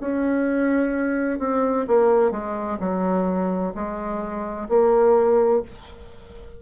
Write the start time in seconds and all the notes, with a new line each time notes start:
0.00 C#4
1.39 C4
1.87 A#3
2.31 G#3
2.80 F#3
3.74 G#3
4.68 A#3